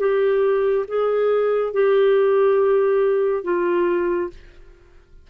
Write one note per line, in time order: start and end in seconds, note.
0.00 0.86 G4
0.88 1.73 G#4
1.73 3.44 G4
3.44 4.29 F4